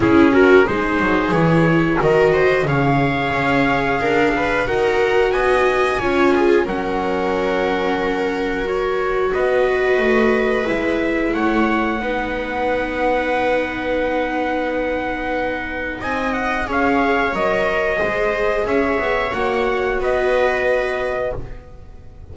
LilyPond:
<<
  \new Staff \with { instrumentName = "trumpet" } { \time 4/4 \tempo 4 = 90 gis'8 ais'8 c''4 cis''4 dis''4 | f''2. fis''4 | gis''2 fis''2~ | fis''4 cis''4 dis''2 |
e''4 fis''2.~ | fis''1 | gis''8 fis''8 f''4 dis''2 | e''4 fis''4 dis''2 | }
  \new Staff \with { instrumentName = "viola" } { \time 4/4 e'8 fis'8 gis'2 ais'8 c''8 | cis''2 ais'8 b'8 ais'4 | dis''4 cis''8 gis'8 ais'2~ | ais'2 b'2~ |
b'4 cis''4 b'2~ | b'1 | dis''4 cis''2 c''4 | cis''2 b'2 | }
  \new Staff \with { instrumentName = "viola" } { \time 4/4 cis'4 dis'4 e'4 fis'4 | gis'2. fis'4~ | fis'4 f'4 cis'2~ | cis'4 fis'2. |
e'2 dis'2~ | dis'1~ | dis'4 gis'4 ais'4 gis'4~ | gis'4 fis'2. | }
  \new Staff \with { instrumentName = "double bass" } { \time 4/4 cis'4 gis8 fis8 e4 dis4 | cis4 cis'4 d'4 dis'4 | b4 cis'4 fis2~ | fis2 b4 a4 |
gis4 a4 b2~ | b1 | c'4 cis'4 fis4 gis4 | cis'8 b8 ais4 b2 | }
>>